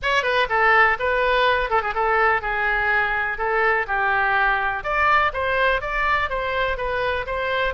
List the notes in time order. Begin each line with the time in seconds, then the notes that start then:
0.02 C#5
0.22 B4
0.49 A4
0.99 B4
1.70 A4
1.82 G#4
1.94 A4
2.41 G#4
3.38 A4
3.87 G4
4.83 D5
5.33 C5
5.81 D5
6.29 C5
6.77 B4
7.26 C5